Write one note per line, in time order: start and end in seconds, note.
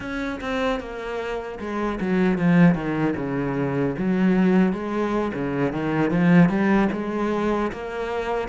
0.00 0.39 C#4
0.41 0.80 C4
0.80 1.59 A#3
1.59 1.99 G#3
2.00 2.38 F#3
2.38 2.74 F3
2.74 3.14 D#3
3.16 3.95 C#3
3.98 4.72 F#3
4.72 5.31 G#3
5.34 5.72 C#3
5.72 6.10 D#3
6.10 6.49 F3
6.49 6.88 G3
6.92 7.71 G#3
7.72 8.48 A#3